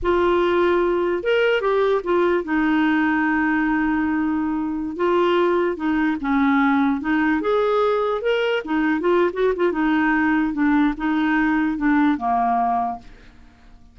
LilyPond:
\new Staff \with { instrumentName = "clarinet" } { \time 4/4 \tempo 4 = 148 f'2. ais'4 | g'4 f'4 dis'2~ | dis'1~ | dis'16 f'2 dis'4 cis'8.~ |
cis'4~ cis'16 dis'4 gis'4.~ gis'16~ | gis'16 ais'4 dis'4 f'8. fis'8 f'8 | dis'2 d'4 dis'4~ | dis'4 d'4 ais2 | }